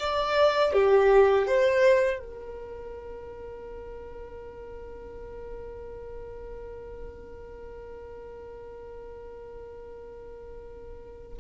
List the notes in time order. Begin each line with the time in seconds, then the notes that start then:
0.00 D5
0.73 G4
1.47 C5
2.20 A#4